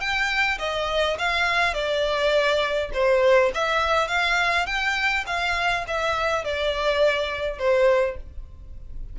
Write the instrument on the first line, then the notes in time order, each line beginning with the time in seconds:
violin
0.00 G5
0.59 D#5
1.18 F5
1.74 D5
2.93 C5
3.54 E5
4.08 F5
4.66 G5
5.27 F5
5.87 E5
6.44 D5
7.58 C5